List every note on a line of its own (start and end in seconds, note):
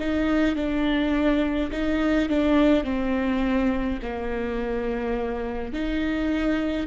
0.00 0.56 D#4
0.56 1.71 D4
1.72 2.30 D#4
2.30 2.84 D4
2.84 4.00 C4
4.03 5.74 A#3
5.74 6.88 D#4